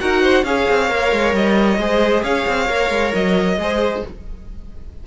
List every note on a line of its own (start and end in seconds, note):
0.00 0.44 D#4
0.00 0.45 F#4
0.00 0.22 A#4
0.00 0.45 F#5
0.22 0.45 C5
0.44 0.66 C#4
0.44 0.89 G#4
0.44 1.81 C#5
0.44 1.35 F5
0.70 0.91 C4
0.89 1.12 A#3
0.89 1.79 A#4
1.12 1.33 G#3
1.33 1.78 G3
1.33 2.23 D#5
1.78 2.23 G#3
1.78 2.69 G#4
1.78 2.23 C5
2.23 2.46 C#4
2.23 3.59 C#5
2.23 3.14 F5
2.47 2.70 C4
2.69 2.90 A#3
2.69 3.59 A#4
2.90 3.12 G#3
3.14 3.57 F#3
3.14 4.04 D#5
3.57 4.03 G#3
3.57 4.05 G#4
3.57 4.07 C5